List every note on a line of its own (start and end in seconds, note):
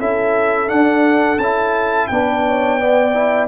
0.00 0.70 C#4
0.00 0.68 E4
0.00 2.09 A4
0.00 0.69 E5
0.68 1.38 D4
0.68 1.39 D4
0.68 1.39 F#5
1.39 2.08 C#4
1.39 2.12 E4
1.39 2.08 A5
2.08 3.49 B3
2.08 2.80 D4
2.08 2.44 B4
2.08 3.47 G5
2.47 2.81 C#5
2.80 3.14 B3
2.80 3.49 D5
3.14 3.49 E4